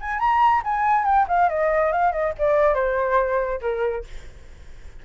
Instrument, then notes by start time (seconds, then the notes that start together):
flute
0.00 G#5
0.19 A#5
0.64 G#5
1.05 G5
1.28 F5
1.49 D#5
1.92 F5
2.12 D#5
2.38 D5
2.74 C5
3.61 A#4